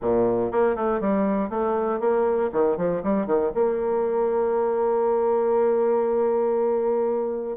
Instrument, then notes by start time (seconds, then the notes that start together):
bassoon
0.01 A#2
0.51 A#3
0.75 A3
1.00 G3
1.49 A3
2.00 A#3
2.52 D#3
2.77 F3
3.03 G3
3.26 D#3
3.54 A#3